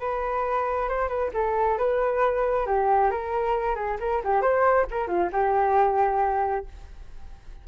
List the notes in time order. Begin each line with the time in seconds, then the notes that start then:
0.00 B4
0.89 C5
1.09 B4
1.34 A4
1.78 B4
2.67 G4
3.11 A#4
3.76 G#4
4.00 A#4
4.24 G4
4.42 C5
4.91 A#4
5.08 F4
5.33 G4